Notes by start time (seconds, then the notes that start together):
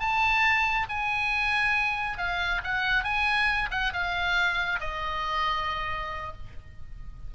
0.00 A5
0.89 G#5
2.18 F5
2.64 F#5
3.04 G#5
3.71 F#5
3.93 F5
4.81 D#5